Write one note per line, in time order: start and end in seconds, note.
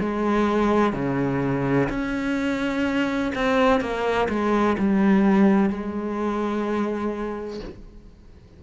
0.00 0.94 G#3
0.94 1.89 C#3
1.90 3.33 C#4
3.35 3.81 C4
3.81 4.29 A#3
4.29 4.77 G#3
4.78 5.70 G3
5.70 7.61 G#3